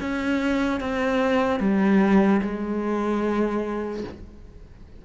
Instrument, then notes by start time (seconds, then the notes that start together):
cello
0.00 C#4
0.80 C4
1.60 G3
2.42 G#3